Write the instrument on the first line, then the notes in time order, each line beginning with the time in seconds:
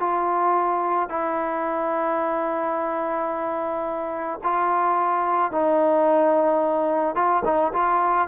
trombone
0.00 F4
1.10 E4
4.44 F4
5.52 D#4
7.15 F4
7.45 D#4
7.73 F4